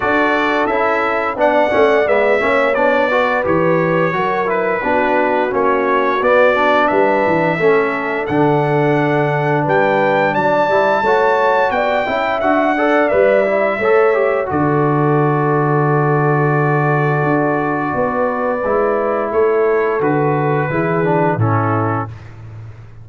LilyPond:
<<
  \new Staff \with { instrumentName = "trumpet" } { \time 4/4 \tempo 4 = 87 d''4 e''4 fis''4 e''4 | d''4 cis''4. b'4. | cis''4 d''4 e''2 | fis''2 g''4 a''4~ |
a''4 g''4 fis''4 e''4~ | e''4 d''2.~ | d''1 | cis''4 b'2 a'4 | }
  \new Staff \with { instrumentName = "horn" } { \time 4/4 a'2 d''4. cis''8~ | cis''8 b'4. ais'4 fis'4~ | fis'2 b'4 a'4~ | a'2 b'4 d''4 |
cis''4 d''8 e''4 d''4. | cis''4 a'2.~ | a'2 b'2 | a'2 gis'4 e'4 | }
  \new Staff \with { instrumentName = "trombone" } { \time 4/4 fis'4 e'4 d'8 cis'8 b8 cis'8 | d'8 fis'8 g'4 fis'8 e'8 d'4 | cis'4 b8 d'4. cis'4 | d'2.~ d'8 e'8 |
fis'4. e'8 fis'8 a'8 b'8 e'8 | a'8 g'8 fis'2.~ | fis'2. e'4~ | e'4 fis'4 e'8 d'8 cis'4 | }
  \new Staff \with { instrumentName = "tuba" } { \time 4/4 d'4 cis'4 b8 a8 gis8 ais8 | b4 e4 fis4 b4 | ais4 b4 g8 e8 a4 | d2 g4 fis8 g8 |
a4 b8 cis'8 d'4 g4 | a4 d2.~ | d4 d'4 b4 gis4 | a4 d4 e4 a,4 | }
>>